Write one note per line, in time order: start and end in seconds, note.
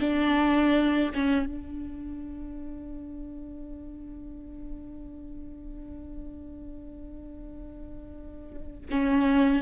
0.00 1.11 D4
1.14 1.46 C#4
1.46 8.87 D4
8.91 9.62 C#4